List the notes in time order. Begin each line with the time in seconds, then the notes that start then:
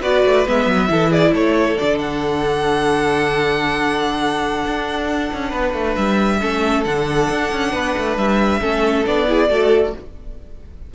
0.00 B3 F#4 B4 D5
0.24 A3
0.46 G#3 B3 E5
0.66 F#3
0.88 E3 E4 A4
1.09 G#4 D5
1.32 A3 A4 C#5
1.77 D3 D4 D5
1.99 F#5
4.65 D4
5.33 C#4
5.49 B3 B4
5.74 A3
5.95 G3 E5
6.41 A3 C#4 A4
6.85 D3 D4 F#5
7.30 D4
7.52 C#4
7.72 B3 B4
7.98 A3
8.16 G3 E5
8.60 A3 C#4 A4
9.06 B3 D4 D5
9.27 E4 G#4
9.49 A3 F#4 A4